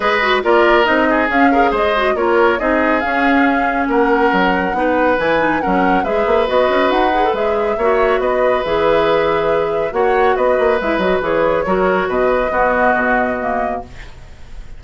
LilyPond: <<
  \new Staff \with { instrumentName = "flute" } { \time 4/4 \tempo 4 = 139 dis''4 d''4 dis''4 f''4 | dis''4 cis''4 dis''4 f''4~ | f''4 fis''2. | gis''4 fis''4 e''4 dis''4 |
fis''4 e''2 dis''4 | e''2. fis''4 | dis''4 e''8 dis''8 cis''2 | dis''1 | }
  \new Staff \with { instrumentName = "oboe" } { \time 4/4 b'4 ais'4. gis'4 ais'8 | c''4 ais'4 gis'2~ | gis'4 ais'2 b'4~ | b'4 ais'4 b'2~ |
b'2 cis''4 b'4~ | b'2. cis''4 | b'2. ais'4 | b'4 fis'2. | }
  \new Staff \with { instrumentName = "clarinet" } { \time 4/4 gis'8 fis'8 f'4 dis'4 cis'8 gis'8~ | gis'8 fis'8 f'4 dis'4 cis'4~ | cis'2. dis'4 | e'8 dis'8 cis'4 gis'4 fis'4~ |
fis'8 gis'16 a'16 gis'4 fis'2 | gis'2. fis'4~ | fis'4 e'8 fis'8 gis'4 fis'4~ | fis'4 b2 ais4 | }
  \new Staff \with { instrumentName = "bassoon" } { \time 4/4 gis4 ais4 c'4 cis'4 | gis4 ais4 c'4 cis'4~ | cis'4 ais4 fis4 b4 | e4 fis4 gis8 ais8 b8 cis'8 |
dis'4 gis4 ais4 b4 | e2. ais4 | b8 ais8 gis8 fis8 e4 fis4 | b,4 b4 b,2 | }
>>